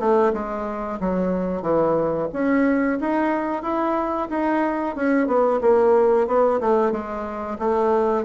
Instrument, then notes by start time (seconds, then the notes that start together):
bassoon
0.00 A3
0.34 G#3
1.00 F#3
1.62 E3
2.33 C#4
3.01 D#4
3.63 E4
4.30 D#4
4.96 C#4
5.27 B3
5.62 A#3
6.28 B3
6.61 A3
6.92 G#3
7.59 A3